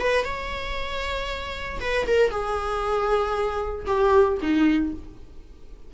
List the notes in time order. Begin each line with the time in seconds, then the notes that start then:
0.00 B4
0.25 C#5
1.80 B4
2.07 A#4
2.31 G#4
3.86 G4
4.42 D#4